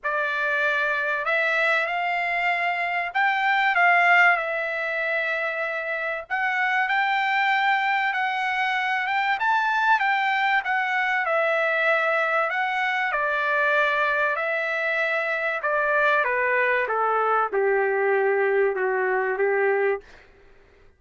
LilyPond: \new Staff \with { instrumentName = "trumpet" } { \time 4/4 \tempo 4 = 96 d''2 e''4 f''4~ | f''4 g''4 f''4 e''4~ | e''2 fis''4 g''4~ | g''4 fis''4. g''8 a''4 |
g''4 fis''4 e''2 | fis''4 d''2 e''4~ | e''4 d''4 b'4 a'4 | g'2 fis'4 g'4 | }